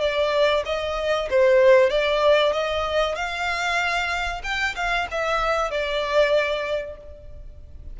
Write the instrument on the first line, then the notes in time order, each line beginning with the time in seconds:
violin
0.00 D5
0.65 D#5
1.30 C5
1.89 D5
2.53 D#5
3.16 F5
4.44 G5
4.76 F5
5.11 E5
5.71 D5